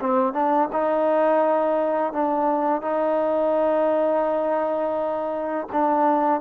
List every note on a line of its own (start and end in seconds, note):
0.00 0.33 C4
0.33 0.69 D4
0.72 2.13 D#4
2.13 2.81 D4
2.81 5.67 D#4
5.72 6.41 D4